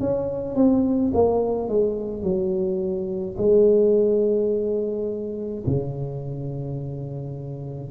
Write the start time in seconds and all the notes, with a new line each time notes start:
0.00 C#4
0.55 C4
1.14 A#3
1.69 G#3
2.23 F#3
3.38 G#3
5.67 C#3